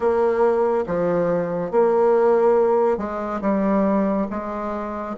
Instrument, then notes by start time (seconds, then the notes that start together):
bassoon
0.00 A#3
0.86 F3
1.71 A#3
2.97 G#3
3.41 G3
4.30 G#3